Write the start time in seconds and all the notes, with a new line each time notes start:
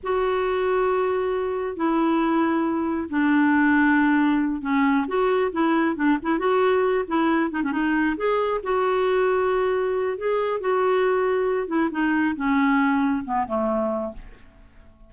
0.03 F#4
1.76 E4
3.09 D4
4.61 C#4
5.07 F#4
5.52 E4
5.96 D4
6.22 E4
6.38 F#4
7.07 E4
7.51 D#4
7.63 C#4
7.71 D#4
8.16 G#4
8.63 F#4
10.17 G#4
10.60 F#4
11.67 E4
11.91 D#4
12.36 C#4
13.25 B3
13.47 A3